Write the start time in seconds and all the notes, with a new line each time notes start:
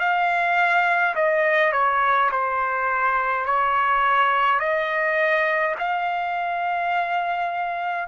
0.00 F5
1.15 D#5
1.73 C#5
2.31 C5
3.46 C#5
4.60 D#5
5.79 F5